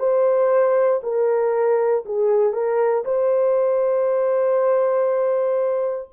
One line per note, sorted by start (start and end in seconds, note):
0.00 1.02 C5
1.04 2.05 A#4
2.06 2.53 G#4
2.53 3.04 A#4
3.05 6.10 C5